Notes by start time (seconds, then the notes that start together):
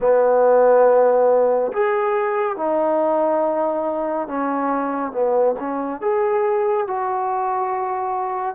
0.00 B3
1.72 G#4
2.56 D#4
4.27 C#4
5.12 B3
5.59 C#4
6.01 G#4
6.87 F#4